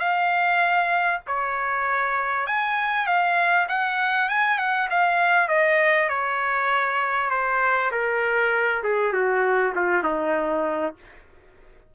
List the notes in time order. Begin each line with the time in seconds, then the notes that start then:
0.00 F5
1.28 C#5
2.47 G#5
3.07 F5
3.69 F#5
4.29 G#5
4.59 F#5
4.91 F5
5.49 D#5
6.10 C#5
7.31 C5
7.92 A#4
8.84 G#4
9.13 F#4
9.76 F4
10.04 D#4